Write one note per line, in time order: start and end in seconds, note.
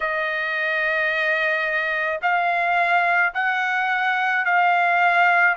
0.00 2.19 D#5
2.22 3.33 F5
3.34 4.44 F#5
4.44 5.56 F5